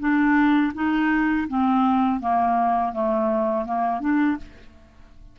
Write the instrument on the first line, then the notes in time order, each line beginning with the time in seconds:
clarinet
0.00 D4
0.75 D#4
1.49 C4
2.21 A#3
2.93 A3
3.66 A#3
4.01 D4